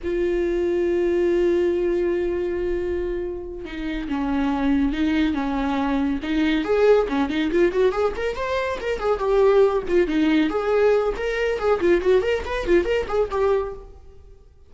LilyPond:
\new Staff \with { instrumentName = "viola" } { \time 4/4 \tempo 4 = 140 f'1~ | f'1~ | f'8 dis'4 cis'2 dis'8~ | dis'8 cis'2 dis'4 gis'8~ |
gis'8 cis'8 dis'8 f'8 fis'8 gis'8 ais'8 c''8~ | c''8 ais'8 gis'8 g'4. f'8 dis'8~ | dis'8 gis'4. ais'4 gis'8 f'8 | fis'8 ais'8 b'8 f'8 ais'8 gis'8 g'4 | }